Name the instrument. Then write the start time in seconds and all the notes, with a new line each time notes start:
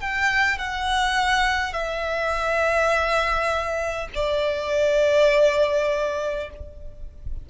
violin
0.00 G5
0.58 F#5
1.73 E5
4.14 D5